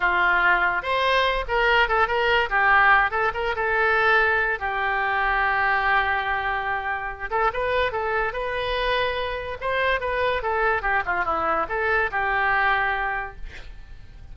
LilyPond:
\new Staff \with { instrumentName = "oboe" } { \time 4/4 \tempo 4 = 144 f'2 c''4. ais'8~ | ais'8 a'8 ais'4 g'4. a'8 | ais'8 a'2~ a'8 g'4~ | g'1~ |
g'4. a'8 b'4 a'4 | b'2. c''4 | b'4 a'4 g'8 f'8 e'4 | a'4 g'2. | }